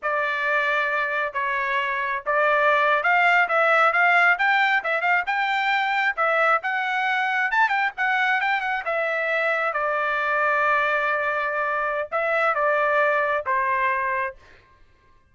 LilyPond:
\new Staff \with { instrumentName = "trumpet" } { \time 4/4 \tempo 4 = 134 d''2. cis''4~ | cis''4 d''4.~ d''16 f''4 e''16~ | e''8. f''4 g''4 e''8 f''8 g''16~ | g''4.~ g''16 e''4 fis''4~ fis''16~ |
fis''8. a''8 g''8 fis''4 g''8 fis''8 e''16~ | e''4.~ e''16 d''2~ d''16~ | d''2. e''4 | d''2 c''2 | }